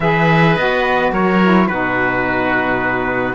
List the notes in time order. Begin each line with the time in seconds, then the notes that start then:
0.00 E3 G#4 B4 E5
0.56 B3 F#4 D#5
1.12 F#3 A#4 C#5
1.43 E4
1.67 B2 D#4 F#4 B4